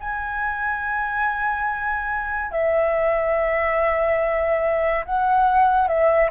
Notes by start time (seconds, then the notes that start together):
0.00 G#5
2.52 E5
5.06 F#5
5.88 E5